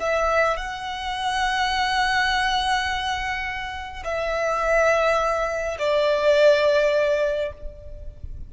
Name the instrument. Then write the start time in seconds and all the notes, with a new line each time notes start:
violin
0.00 E5
0.57 F#5
4.05 E5
5.79 D5